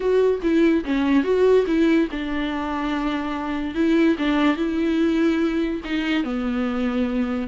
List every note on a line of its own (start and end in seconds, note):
0.00 0.40 F#4
0.42 0.84 E4
0.84 1.23 C#4
1.23 1.65 F#4
1.66 2.08 E4
2.11 3.74 D4
3.74 4.16 E4
4.18 4.56 D4
4.56 5.81 E4
5.84 6.23 D#4
6.23 7.47 B3